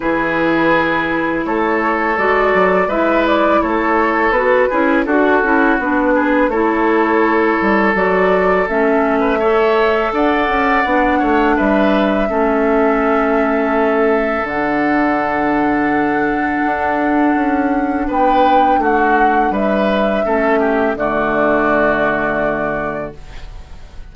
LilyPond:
<<
  \new Staff \with { instrumentName = "flute" } { \time 4/4 \tempo 4 = 83 b'2 cis''4 d''4 | e''8 d''8 cis''4 b'4 a'4 | b'4 cis''2 d''4 | e''2 fis''2 |
e''1 | fis''1~ | fis''4 g''4 fis''4 e''4~ | e''4 d''2. | }
  \new Staff \with { instrumentName = "oboe" } { \time 4/4 gis'2 a'2 | b'4 a'4. gis'8 fis'4~ | fis'8 gis'8 a'2.~ | a'8. b'16 cis''4 d''4. cis''8 |
b'4 a'2.~ | a'1~ | a'4 b'4 fis'4 b'4 | a'8 g'8 fis'2. | }
  \new Staff \with { instrumentName = "clarinet" } { \time 4/4 e'2. fis'4 | e'2 fis'8 e'8 fis'8 e'8 | d'4 e'2 fis'4 | cis'4 a'2 d'4~ |
d'4 cis'2. | d'1~ | d'1 | cis'4 a2. | }
  \new Staff \with { instrumentName = "bassoon" } { \time 4/4 e2 a4 gis8 fis8 | gis4 a4 b8 cis'8 d'8 cis'8 | b4 a4. g8 fis4 | a2 d'8 cis'8 b8 a8 |
g4 a2. | d2. d'4 | cis'4 b4 a4 g4 | a4 d2. | }
>>